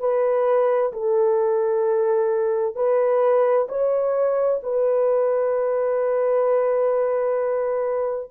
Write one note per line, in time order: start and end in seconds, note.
0.00 0.92 B4
0.93 2.76 A4
2.76 3.68 B4
3.69 4.61 C#5
4.63 8.31 B4